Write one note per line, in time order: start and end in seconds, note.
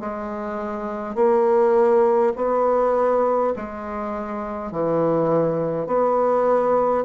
0.00 1.15 G#3
1.15 2.33 A#3
2.36 3.53 B3
3.56 4.72 G#3
4.72 5.87 E3
5.87 7.04 B3